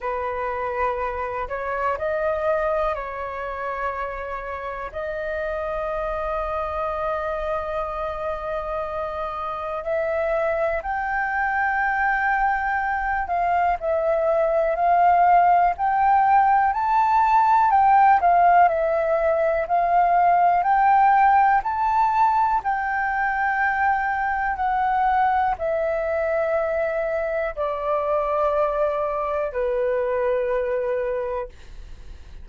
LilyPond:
\new Staff \with { instrumentName = "flute" } { \time 4/4 \tempo 4 = 61 b'4. cis''8 dis''4 cis''4~ | cis''4 dis''2.~ | dis''2 e''4 g''4~ | g''4. f''8 e''4 f''4 |
g''4 a''4 g''8 f''8 e''4 | f''4 g''4 a''4 g''4~ | g''4 fis''4 e''2 | d''2 b'2 | }